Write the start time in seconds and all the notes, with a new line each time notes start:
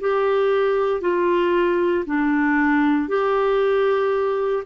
0.00 G4
1.01 F4
2.05 D4
3.08 G4